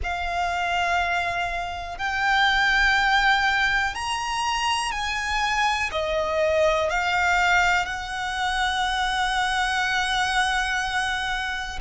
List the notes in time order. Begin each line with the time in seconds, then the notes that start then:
0.03 F5
1.98 G5
3.94 A#5
4.91 G#5
5.91 D#5
6.89 F5
7.85 F#5